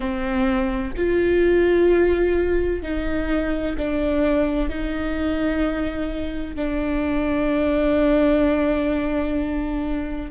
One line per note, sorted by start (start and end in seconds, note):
0.00 0.92 C4
0.96 2.82 F4
2.82 3.76 D#4
3.77 4.69 D4
4.69 6.55 D#4
6.55 10.30 D4